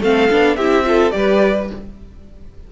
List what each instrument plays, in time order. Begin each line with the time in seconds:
0.00 cello A3, viola C4, violin A4 F5
0.30 cello B3, viola D4
0.56 cello C4, viola E4, violin G4 E5
0.84 viola F4, violin A4
1.11 cello G3, viola G4, violin B4 D5